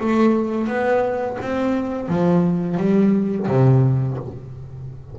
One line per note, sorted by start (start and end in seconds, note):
0.00 0.68 A3
0.68 1.38 B3
1.41 2.08 C4
2.08 2.77 F3
2.77 3.47 G3
3.48 4.17 C3